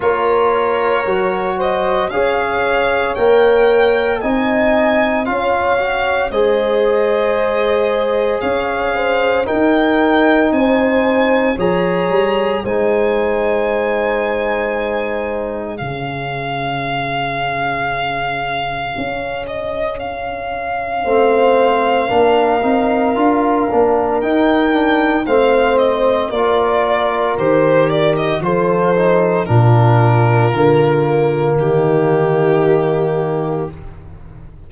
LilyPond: <<
  \new Staff \with { instrumentName = "violin" } { \time 4/4 \tempo 4 = 57 cis''4. dis''8 f''4 g''4 | gis''4 f''4 dis''2 | f''4 g''4 gis''4 ais''4 | gis''2. f''4~ |
f''2~ f''8 dis''8 f''4~ | f''2. g''4 | f''8 dis''8 d''4 c''8 d''16 dis''16 c''4 | ais'2 g'2 | }
  \new Staff \with { instrumentName = "horn" } { \time 4/4 ais'4. c''8 cis''2 | dis''4 cis''4 c''2 | cis''8 c''8 ais'4 c''4 cis''4 | c''2. gis'4~ |
gis'1 | c''4 ais'2. | c''4 ais'2 a'4 | f'2 dis'2 | }
  \new Staff \with { instrumentName = "trombone" } { \time 4/4 f'4 fis'4 gis'4 ais'4 | dis'4 f'8 fis'8 gis'2~ | gis'4 dis'2 gis'4 | dis'2. cis'4~ |
cis'1 | c'4 d'8 dis'8 f'8 d'8 dis'8 d'8 | c'4 f'4 g'4 f'8 dis'8 | d'4 ais2. | }
  \new Staff \with { instrumentName = "tuba" } { \time 4/4 ais4 fis4 cis'4 ais4 | c'4 cis'4 gis2 | cis'4 dis'4 c'4 f8 g8 | gis2. cis4~ |
cis2 cis'2 | a4 ais8 c'8 d'8 ais8 dis'4 | a4 ais4 dis4 f4 | ais,4 d4 dis2 | }
>>